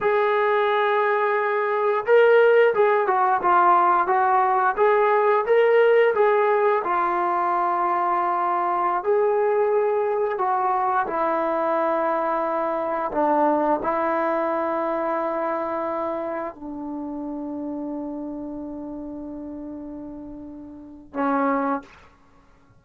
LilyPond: \new Staff \with { instrumentName = "trombone" } { \time 4/4 \tempo 4 = 88 gis'2. ais'4 | gis'8 fis'8 f'4 fis'4 gis'4 | ais'4 gis'4 f'2~ | f'4~ f'16 gis'2 fis'8.~ |
fis'16 e'2. d'8.~ | d'16 e'2.~ e'8.~ | e'16 d'2.~ d'8.~ | d'2. cis'4 | }